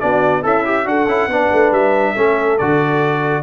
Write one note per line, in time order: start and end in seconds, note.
0.00 0.45 B3
0.00 0.43 D4
0.00 0.43 F#4
0.00 0.43 D5
0.43 0.86 C#4
0.43 0.85 E4
0.43 0.64 A4
0.43 0.88 E5
0.65 0.85 G4
0.85 1.07 D4
0.85 1.07 F#4
0.85 1.31 A4
0.85 1.73 F#5
1.07 1.27 C#4
1.07 1.30 E4
1.27 1.49 B3
1.27 2.16 D4
1.27 2.13 B4
1.53 1.72 A3
1.72 2.15 G3
1.72 2.58 E5
2.13 2.60 A3
2.13 2.59 C#4
2.13 3.42 A4
2.58 3.43 D3
2.58 3.43 F#4
2.58 3.43 D5